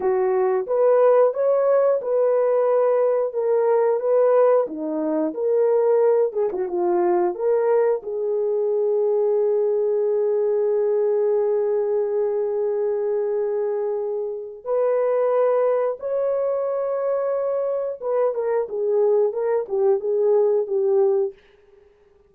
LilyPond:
\new Staff \with { instrumentName = "horn" } { \time 4/4 \tempo 4 = 90 fis'4 b'4 cis''4 b'4~ | b'4 ais'4 b'4 dis'4 | ais'4. gis'16 fis'16 f'4 ais'4 | gis'1~ |
gis'1~ | gis'2 b'2 | cis''2. b'8 ais'8 | gis'4 ais'8 g'8 gis'4 g'4 | }